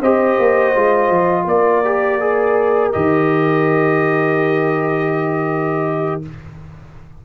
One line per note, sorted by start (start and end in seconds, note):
0.00 0.37 C4
0.00 0.75 G4
0.00 1.44 C5
0.00 1.47 D#5
0.38 0.75 A#3
0.75 1.10 G#3
0.75 1.84 F4
1.10 1.46 F3
1.44 2.92 A#3
1.44 6.20 A#4
1.44 2.92 D5
1.84 2.20 G4
2.20 2.93 G#4
2.92 6.25 D#3
2.92 6.22 G4
2.92 6.21 D#5